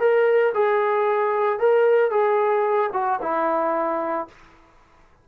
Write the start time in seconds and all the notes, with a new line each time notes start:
0.00 A#4
0.54 G#4
1.60 A#4
2.11 G#4
2.93 F#4
3.22 E4